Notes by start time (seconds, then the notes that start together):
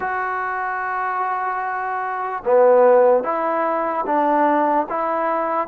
0.00 F#4
2.45 B3
3.23 E4
4.05 D4
4.89 E4